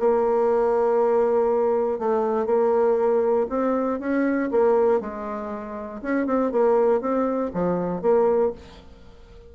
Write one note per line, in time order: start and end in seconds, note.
0.00 1.99 A#3
1.99 2.47 A3
2.47 3.47 A#3
3.50 4.00 C4
4.00 4.51 C#4
4.52 5.01 A#3
5.01 6.02 G#3
6.03 6.27 C#4
6.27 6.52 C4
6.52 7.01 A#3
7.01 7.52 C4
7.54 8.02 F3
8.02 8.53 A#3